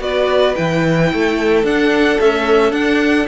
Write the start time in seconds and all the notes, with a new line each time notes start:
0.00 B3 F#4 B4 D5
0.56 E3 E4 G5
1.13 A3 A4
1.64 D4 F#5
2.20 A3 C#4 E5
2.71 D4 F#5